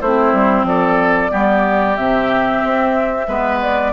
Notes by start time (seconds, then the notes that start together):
0.00 A3 C4 E4 C5
0.32 G3
0.63 F3 A4 D5
1.29 G3 B3 G4
1.96 C3 C4 E5
2.64 C4
3.27 G#3 B3 B4
3.62 D5